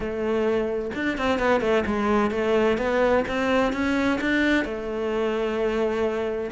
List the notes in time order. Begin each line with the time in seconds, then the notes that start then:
0.00 A3
0.94 D4
1.17 C4
1.38 B3
1.60 A3
1.85 G#3
2.30 A3
2.77 B3
3.27 C4
3.73 C#4
4.20 D4
4.64 A3